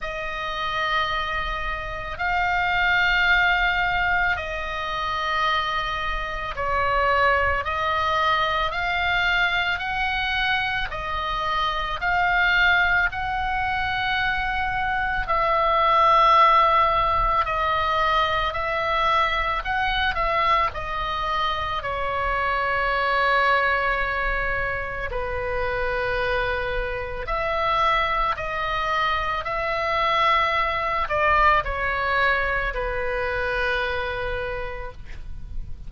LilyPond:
\new Staff \with { instrumentName = "oboe" } { \time 4/4 \tempo 4 = 55 dis''2 f''2 | dis''2 cis''4 dis''4 | f''4 fis''4 dis''4 f''4 | fis''2 e''2 |
dis''4 e''4 fis''8 e''8 dis''4 | cis''2. b'4~ | b'4 e''4 dis''4 e''4~ | e''8 d''8 cis''4 b'2 | }